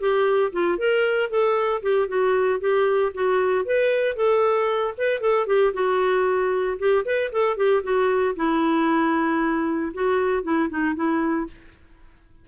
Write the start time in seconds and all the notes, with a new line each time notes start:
0.00 G4
0.53 F4
0.78 A#4
1.30 A4
1.83 G4
2.08 F#4
2.60 G4
3.14 F#4
3.65 B4
4.16 A4
4.98 B4
5.21 A4
5.47 G4
5.74 F#4
6.79 G4
7.05 B4
7.32 A4
7.57 G4
7.83 F#4
8.36 E4
9.94 F#4
10.43 E4
10.70 D#4
10.95 E4